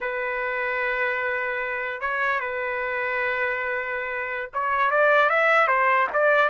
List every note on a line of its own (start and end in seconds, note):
0.01 2.00 B4
2.00 2.40 C#5
2.40 4.50 B4
4.53 4.90 C#5
4.90 5.29 D5
5.29 5.67 E5
5.67 6.07 C5
6.13 6.49 D5